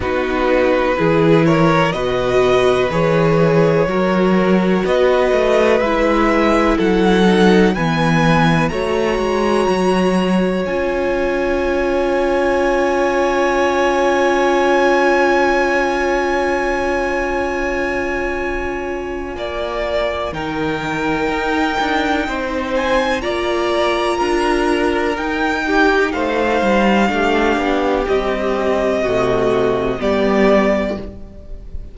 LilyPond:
<<
  \new Staff \with { instrumentName = "violin" } { \time 4/4 \tempo 4 = 62 b'4. cis''8 dis''4 cis''4~ | cis''4 dis''4 e''4 fis''4 | gis''4 ais''2 gis''4~ | gis''1~ |
gis''1~ | gis''4 g''2~ g''8 gis''8 | ais''2 g''4 f''4~ | f''4 dis''2 d''4 | }
  \new Staff \with { instrumentName = "violin" } { \time 4/4 fis'4 gis'8 ais'8 b'2 | ais'4 b'2 a'4 | b'4 cis''2.~ | cis''1~ |
cis''1 | d''4 ais'2 c''4 | d''4 ais'4. g'8 c''4 | g'2 fis'4 g'4 | }
  \new Staff \with { instrumentName = "viola" } { \time 4/4 dis'4 e'4 fis'4 gis'4 | fis'2 e'4. dis'8 | b4 fis'2 f'4~ | f'1~ |
f'1~ | f'4 dis'2. | f'2 dis'2 | d'4 g4 a4 b4 | }
  \new Staff \with { instrumentName = "cello" } { \time 4/4 b4 e4 b,4 e4 | fis4 b8 a8 gis4 fis4 | e4 a8 gis8 fis4 cis'4~ | cis'1~ |
cis'1 | ais4 dis4 dis'8 d'8 c'4 | ais4 d'4 dis'4 a8 g8 | a8 b8 c'4 c4 g4 | }
>>